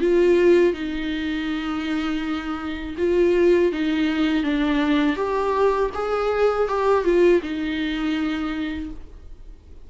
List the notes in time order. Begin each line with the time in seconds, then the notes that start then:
0.00 F4
0.73 D#4
2.98 F4
3.72 D#4
4.43 D4
5.16 G4
5.94 G#4
6.68 G4
7.04 F4
7.42 D#4